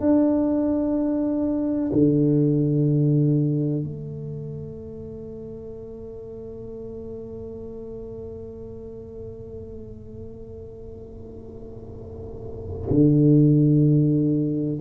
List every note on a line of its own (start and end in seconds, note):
0.00 1.90 D4
1.93 3.83 D3
3.83 12.88 A3
12.90 14.80 D3